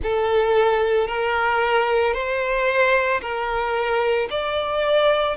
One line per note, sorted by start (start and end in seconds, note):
0.02 1.07 A4
1.07 2.13 A#4
2.13 3.20 C5
3.21 4.28 A#4
4.30 5.36 D5